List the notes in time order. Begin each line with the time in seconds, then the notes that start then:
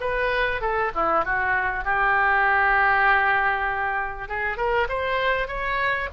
0.00 B4
0.61 A4
0.94 E4
1.24 F#4
1.84 G4
4.28 G#4
4.57 A#4
4.88 C5
5.47 C#5